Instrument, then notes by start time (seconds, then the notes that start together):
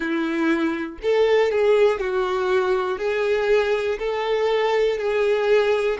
violin
0.00 E4
1.02 A4
1.51 G#4
2.00 F#4
2.98 G#4
3.99 A4
4.97 G#4